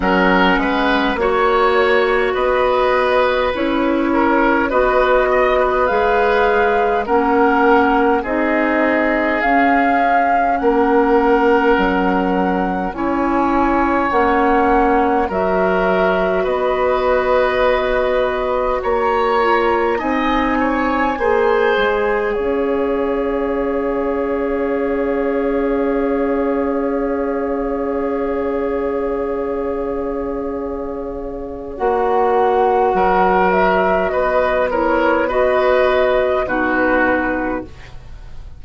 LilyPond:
<<
  \new Staff \with { instrumentName = "flute" } { \time 4/4 \tempo 4 = 51 fis''4 cis''4 dis''4 cis''4 | dis''4 f''4 fis''4 dis''4 | f''4 fis''2 gis''4 | fis''4 e''4 dis''2 |
ais''4 gis''2 f''4~ | f''1~ | f''2. fis''4~ | fis''8 e''8 dis''8 cis''8 dis''4 b'4 | }
  \new Staff \with { instrumentName = "oboe" } { \time 4/4 ais'8 b'8 cis''4 b'4. ais'8 | b'8 dis''16 b'4~ b'16 ais'4 gis'4~ | gis'4 ais'2 cis''4~ | cis''4 ais'4 b'2 |
cis''4 dis''8 cis''8 c''4 cis''4~ | cis''1~ | cis''1 | ais'4 b'8 ais'8 b'4 fis'4 | }
  \new Staff \with { instrumentName = "clarinet" } { \time 4/4 cis'4 fis'2 e'4 | fis'4 gis'4 cis'4 dis'4 | cis'2. e'4 | cis'4 fis'2.~ |
fis'8 f'8 dis'4 gis'2~ | gis'1~ | gis'2. fis'4~ | fis'4. e'8 fis'4 dis'4 | }
  \new Staff \with { instrumentName = "bassoon" } { \time 4/4 fis8 gis8 ais4 b4 cis'4 | b4 gis4 ais4 c'4 | cis'4 ais4 fis4 cis'4 | ais4 fis4 b2 |
ais4 c'4 ais8 gis8 cis'4~ | cis'1~ | cis'2. ais4 | fis4 b2 b,4 | }
>>